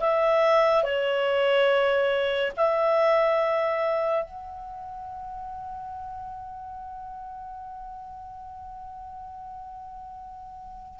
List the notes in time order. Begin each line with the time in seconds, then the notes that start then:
0.00 E5
0.83 C#5
2.57 E5
4.24 F#5